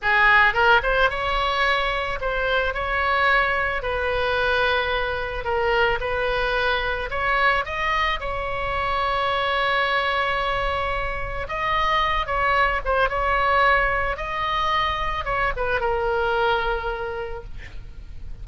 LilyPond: \new Staff \with { instrumentName = "oboe" } { \time 4/4 \tempo 4 = 110 gis'4 ais'8 c''8 cis''2 | c''4 cis''2 b'4~ | b'2 ais'4 b'4~ | b'4 cis''4 dis''4 cis''4~ |
cis''1~ | cis''4 dis''4. cis''4 c''8 | cis''2 dis''2 | cis''8 b'8 ais'2. | }